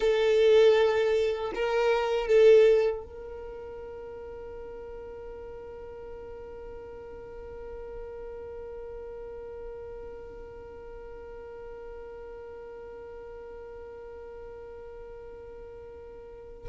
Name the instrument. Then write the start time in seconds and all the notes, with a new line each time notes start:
violin
0.00 A4
1.55 A#4
2.27 A4
3.03 A#4